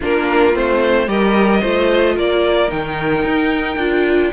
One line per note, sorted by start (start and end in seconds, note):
0.00 0.55 A#3
0.00 0.53 D4
0.00 1.08 F4
0.00 0.55 A#4
0.53 1.07 A3
0.53 1.07 C4
0.53 1.08 C5
1.07 1.61 G3
1.07 1.61 G4
1.07 1.60 A#4
1.07 2.16 D#5
1.60 2.17 A3
1.60 2.68 F4
1.60 2.14 C5
2.15 2.71 A#3
2.15 4.31 A#4
2.15 2.70 D5
2.68 3.25 D#3
2.68 3.76 D#4
2.68 4.32 G5
3.25 3.77 D#4
3.77 4.31 D4
3.77 4.32 F4